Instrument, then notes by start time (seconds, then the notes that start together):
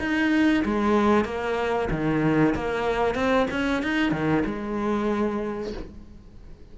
cello
0.00 D#4
0.65 G#3
1.25 A#3
1.91 D#3
2.55 A#3
3.15 C4
3.51 C#4
3.83 D#4
4.12 D#3
4.46 G#3